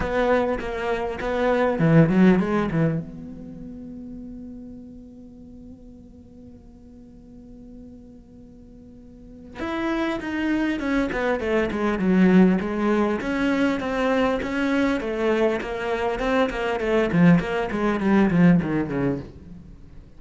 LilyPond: \new Staff \with { instrumentName = "cello" } { \time 4/4 \tempo 4 = 100 b4 ais4 b4 e8 fis8 | gis8 e8 b2.~ | b1~ | b1 |
e'4 dis'4 cis'8 b8 a8 gis8 | fis4 gis4 cis'4 c'4 | cis'4 a4 ais4 c'8 ais8 | a8 f8 ais8 gis8 g8 f8 dis8 cis8 | }